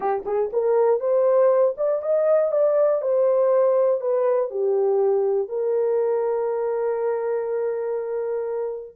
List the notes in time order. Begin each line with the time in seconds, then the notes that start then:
0.00 G4
0.25 G#4
0.53 A#4
1.00 C5
1.77 D5
2.02 D#5
2.51 D5
3.01 C5
4.00 B4
4.50 G4
5.48 A#4